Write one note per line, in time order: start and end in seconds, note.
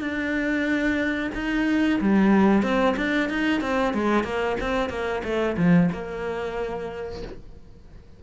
0.00 1.30 D4
1.34 2.00 D#4
2.00 2.62 G3
2.62 2.95 C4
2.96 3.29 D4
3.29 3.61 D#4
3.61 3.93 C4
3.94 4.24 G#3
4.24 4.56 A#3
4.60 4.89 C4
4.89 5.22 A#3
5.24 5.56 A3
5.57 5.90 F3
5.92 7.22 A#3